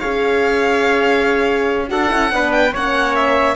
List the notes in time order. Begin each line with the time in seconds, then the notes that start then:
0.00 C#4 G#4 C#5 F5
1.88 D4 F#4 A4 F#5
2.10 C#4 E4
2.32 B3 D4 B4
2.52 G5
2.73 A#3 C#4 C#5 F#5
3.16 E5